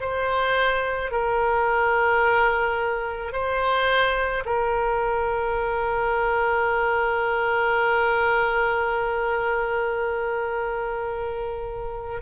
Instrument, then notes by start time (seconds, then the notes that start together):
oboe
0.00 C5
1.11 A#4
3.32 C5
4.45 A#4